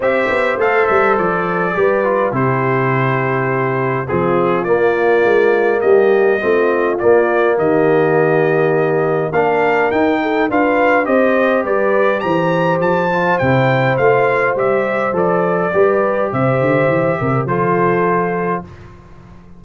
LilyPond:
<<
  \new Staff \with { instrumentName = "trumpet" } { \time 4/4 \tempo 4 = 103 e''4 f''8 e''8 d''2 | c''2. gis'4 | d''2 dis''2 | d''4 dis''2. |
f''4 g''4 f''4 dis''4 | d''4 ais''4 a''4 g''4 | f''4 e''4 d''2 | e''2 c''2 | }
  \new Staff \with { instrumentName = "horn" } { \time 4/4 c''2. b'4 | g'2. f'4~ | f'2 g'4 f'4~ | f'4 g'2. |
ais'4. a'8 b'4 c''4 | b'4 c''2.~ | c''2. b'4 | c''4. ais'8 a'2 | }
  \new Staff \with { instrumentName = "trombone" } { \time 4/4 g'4 a'2 g'8 f'8 | e'2. c'4 | ais2. c'4 | ais1 |
d'4 dis'4 f'4 g'4~ | g'2~ g'8 f'8 e'4 | f'4 g'4 a'4 g'4~ | g'2 f'2 | }
  \new Staff \with { instrumentName = "tuba" } { \time 4/4 c'8 b8 a8 g8 f4 g4 | c2. f4 | ais4 gis4 g4 a4 | ais4 dis2. |
ais4 dis'4 d'4 c'4 | g4 e4 f4 c4 | a4 g4 f4 g4 | c8 d8 e8 c8 f2 | }
>>